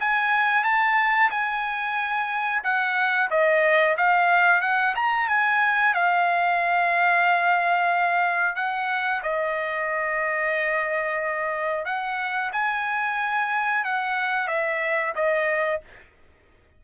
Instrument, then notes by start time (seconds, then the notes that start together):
trumpet
0.00 G#5
0.64 A5
1.30 G#5
2.63 F#5
3.30 D#5
3.97 F5
4.61 F#5
4.95 A#5
5.28 G#5
5.94 F5
8.56 F#5
9.23 D#5
11.85 F#5
12.52 G#5
13.84 F#5
14.48 E5
15.15 D#5